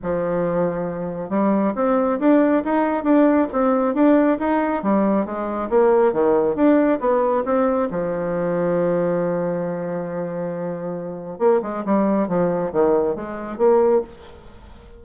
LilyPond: \new Staff \with { instrumentName = "bassoon" } { \time 4/4 \tempo 4 = 137 f2. g4 | c'4 d'4 dis'4 d'4 | c'4 d'4 dis'4 g4 | gis4 ais4 dis4 d'4 |
b4 c'4 f2~ | f1~ | f2 ais8 gis8 g4 | f4 dis4 gis4 ais4 | }